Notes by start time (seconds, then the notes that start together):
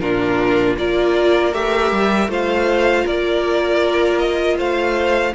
0.00 A#2 D4 F4 A#4
0.77 A#3 F4 A#4 D5
1.53 A3 G4 E5
1.91 G3
2.28 A3 F4 C5 F5
3.05 A#3 A#4 D5
4.19 D#5
4.58 A3 C5 F5